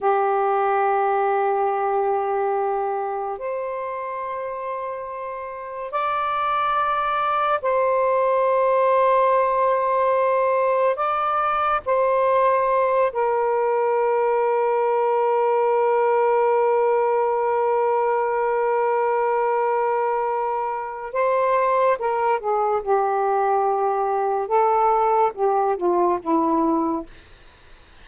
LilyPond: \new Staff \with { instrumentName = "saxophone" } { \time 4/4 \tempo 4 = 71 g'1 | c''2. d''4~ | d''4 c''2.~ | c''4 d''4 c''4. ais'8~ |
ais'1~ | ais'1~ | ais'4 c''4 ais'8 gis'8 g'4~ | g'4 a'4 g'8 f'8 e'4 | }